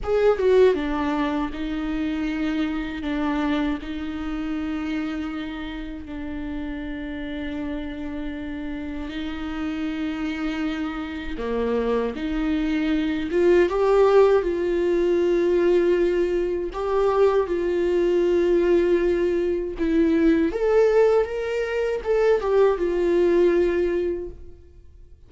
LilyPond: \new Staff \with { instrumentName = "viola" } { \time 4/4 \tempo 4 = 79 gis'8 fis'8 d'4 dis'2 | d'4 dis'2. | d'1 | dis'2. ais4 |
dis'4. f'8 g'4 f'4~ | f'2 g'4 f'4~ | f'2 e'4 a'4 | ais'4 a'8 g'8 f'2 | }